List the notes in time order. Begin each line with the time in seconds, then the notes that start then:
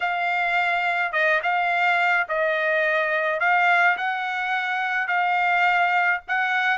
0.00 F5
1.12 D#5
1.43 F5
2.28 D#5
3.40 F5
3.97 F#5
5.07 F5
6.28 F#5